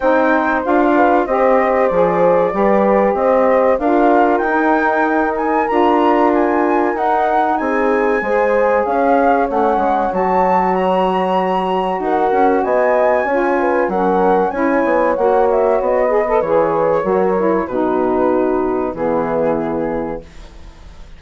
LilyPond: <<
  \new Staff \with { instrumentName = "flute" } { \time 4/4 \tempo 4 = 95 g''4 f''4 dis''4 d''4~ | d''4 dis''4 f''4 g''4~ | g''8 gis''8 ais''4 gis''4 fis''4 | gis''2 f''4 fis''4 |
a''4 ais''2 fis''4 | gis''2 fis''4 gis''4 | fis''8 e''8 dis''4 cis''2 | b'2 gis'2 | }
  \new Staff \with { instrumentName = "horn" } { \time 4/4 c''4. b'8 c''2 | b'4 c''4 ais'2~ | ais'1 | gis'4 c''4 cis''2~ |
cis''2. ais'4 | dis''4 cis''8 b'8 ais'4 cis''4~ | cis''4. b'4. ais'4 | fis'2 e'2 | }
  \new Staff \with { instrumentName = "saxophone" } { \time 4/4 dis'4 f'4 g'4 gis'4 | g'2 f'4 dis'4~ | dis'4 f'2 dis'4~ | dis'4 gis'2 cis'4 |
fis'1~ | fis'4 f'4 cis'4 e'4 | fis'4. gis'16 a'16 gis'4 fis'8 e'8 | dis'2 b2 | }
  \new Staff \with { instrumentName = "bassoon" } { \time 4/4 c'4 d'4 c'4 f4 | g4 c'4 d'4 dis'4~ | dis'4 d'2 dis'4 | c'4 gis4 cis'4 a8 gis8 |
fis2. dis'8 cis'8 | b4 cis'4 fis4 cis'8 b8 | ais4 b4 e4 fis4 | b,2 e2 | }
>>